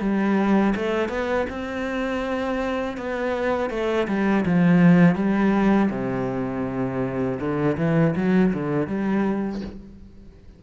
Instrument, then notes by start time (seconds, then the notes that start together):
cello
0.00 G3
0.76 A3
1.09 B3
1.50 C4
2.98 B3
3.70 A3
4.08 G3
4.46 F3
5.15 G3
5.91 C3
7.40 D3
7.78 E3
8.16 F#3
8.54 D3
8.88 G3